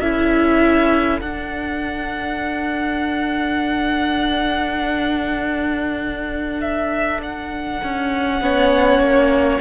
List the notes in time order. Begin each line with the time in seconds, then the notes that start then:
0.00 C#4 E4 A4 E5
1.20 D4 F#5
6.60 E5
7.23 F#5
7.83 C#4
8.41 B3 C#4 C#5
8.99 A#3